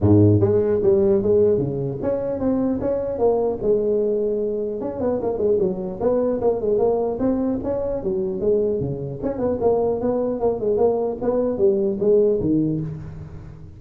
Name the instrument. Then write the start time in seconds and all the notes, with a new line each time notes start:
tuba
0.00 G#2
0.39 G#3
0.82 G3
1.22 G#3
1.58 C#3
2.02 C#4
2.39 C4
2.81 C#4
3.18 A#3
3.62 G#3
4.80 C#4
5.00 B3
5.21 A#3
5.37 G#3
5.59 F#3
6.00 B3
6.40 A#3
6.61 G#3
6.78 A#3
7.19 C4
7.63 C#4
8.03 F#3
8.40 G#3
8.79 C#3
9.22 C#4
9.38 B3
9.61 A#3
10.00 B3
10.40 A#3
10.60 G#3
10.77 A#3
11.21 B3
11.58 G3
11.99 G#3
12.40 D#3